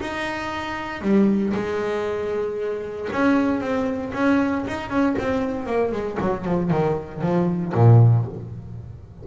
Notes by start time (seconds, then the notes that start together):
0.00 D#4
1.01 G3
1.54 G#3
3.12 C#4
3.60 C4
4.13 C#4
4.67 D#4
4.89 C#4
5.18 C4
5.66 A#3
5.92 G#3
6.20 F#3
6.44 F3
6.70 D#3
7.21 F3
7.74 A#2